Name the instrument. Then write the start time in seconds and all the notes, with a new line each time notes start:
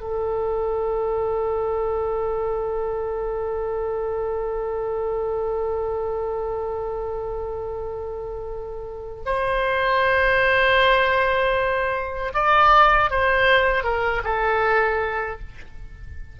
oboe
0.00 A4
9.25 C5
12.34 D5
13.10 C5
13.83 A#4
14.24 A4